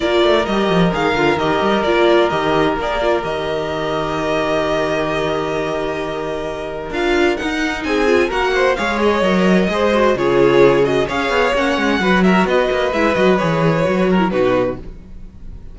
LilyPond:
<<
  \new Staff \with { instrumentName = "violin" } { \time 4/4 \tempo 4 = 130 d''4 dis''4 f''4 dis''4 | d''4 dis''4 d''4 dis''4~ | dis''1~ | dis''2. f''4 |
fis''4 gis''4 fis''4 f''8 dis''8~ | dis''2 cis''4. dis''8 | f''4 fis''4. e''8 dis''4 | e''8 dis''8 cis''2 b'4 | }
  \new Staff \with { instrumentName = "violin" } { \time 4/4 ais'1~ | ais'1~ | ais'1~ | ais'1~ |
ais'4 gis'4 ais'8 c''8 cis''4~ | cis''4 c''4 gis'2 | cis''2 b'8 ais'8 b'4~ | b'2~ b'8 ais'8 fis'4 | }
  \new Staff \with { instrumentName = "viola" } { \time 4/4 f'4 g'4 gis'8 f'8 g'4 | f'4 g'4 gis'8 f'8 g'4~ | g'1~ | g'2. f'4 |
dis'4. f'8 fis'4 gis'4 | ais'4 gis'8 fis'8 f'4. fis'8 | gis'4 cis'4 fis'2 | e'8 fis'8 gis'4 fis'8. e'16 dis'4 | }
  \new Staff \with { instrumentName = "cello" } { \time 4/4 ais8 a8 g8 f8 dis8 d8 dis8 g8 | ais4 dis4 ais4 dis4~ | dis1~ | dis2. d'4 |
dis'4 c'4 ais4 gis4 | fis4 gis4 cis2 | cis'8 b8 ais8 gis8 fis4 b8 ais8 | gis8 fis8 e4 fis4 b,4 | }
>>